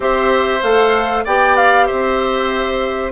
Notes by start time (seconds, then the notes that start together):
0.00 C4 G4 C5 E5
0.62 A3 A4 F5
1.24 B3 G4 D5 G5
1.56 F5
1.86 C4 C5 E5